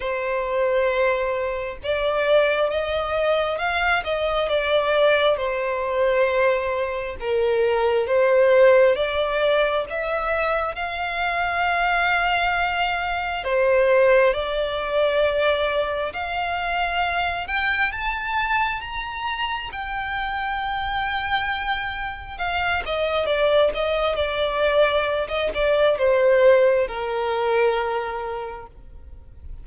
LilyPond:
\new Staff \with { instrumentName = "violin" } { \time 4/4 \tempo 4 = 67 c''2 d''4 dis''4 | f''8 dis''8 d''4 c''2 | ais'4 c''4 d''4 e''4 | f''2. c''4 |
d''2 f''4. g''8 | a''4 ais''4 g''2~ | g''4 f''8 dis''8 d''8 dis''8 d''4~ | d''16 dis''16 d''8 c''4 ais'2 | }